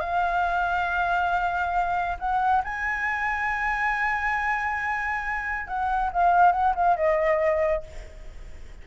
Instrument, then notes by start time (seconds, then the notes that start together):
flute
0.00 F5
2.19 F#5
2.64 G#5
5.67 F#5
6.13 F5
6.52 F#5
6.75 F5
6.96 D#5